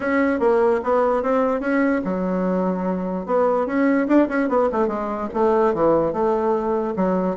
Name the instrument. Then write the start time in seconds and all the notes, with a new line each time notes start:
bassoon
0.00 C#4
0.39 A#3
0.83 B3
1.22 C4
1.60 C#4
2.04 F#3
3.26 B3
3.66 C#4
4.07 D4
4.28 C#4
4.49 B3
4.71 A3
4.87 G#3
5.33 A3
5.73 E3
6.12 A3
6.96 F#3